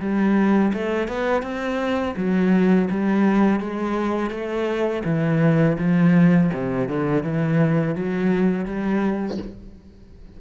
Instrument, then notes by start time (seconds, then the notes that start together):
cello
0.00 G3
0.73 A3
1.08 B3
1.42 C4
2.16 F#3
2.90 G3
3.60 G#3
4.30 A3
5.05 E3
5.78 F3
6.53 C3
6.88 D3
7.23 E3
7.95 F#3
8.65 G3